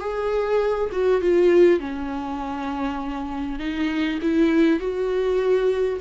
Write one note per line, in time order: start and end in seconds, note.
0.00 0.90 G#4
0.92 1.22 F#4
1.22 1.79 F4
1.79 3.59 C#4
3.59 4.19 D#4
4.22 4.80 E4
4.80 6.00 F#4